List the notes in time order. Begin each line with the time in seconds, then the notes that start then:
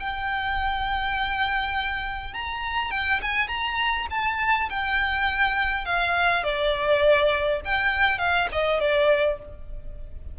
0.00 G5
2.34 A#5
2.91 G5
3.22 G#5
3.48 A#5
4.11 A5
4.70 G5
5.86 F5
6.44 D5
7.65 G5
8.19 F5
8.52 D#5
8.80 D5